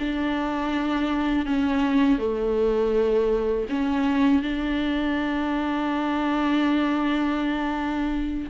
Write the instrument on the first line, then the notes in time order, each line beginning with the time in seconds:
viola
0.00 D4
1.46 C#4
2.19 A3
3.70 C#4
4.43 D4